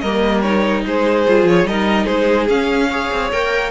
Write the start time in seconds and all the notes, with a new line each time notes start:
0.00 G3 A#3 A#4 D#5
0.42 D#4 C#5
0.86 G#3 G#4 C5
1.27 G3 F4
1.44 F3 C#5
1.64 G3 D#4 A#4 D#5
2.05 G#3 G#4 C5
2.49 C#4 F5
2.90 G#4 C#5
3.11 C4
3.32 A#3 A#4 G5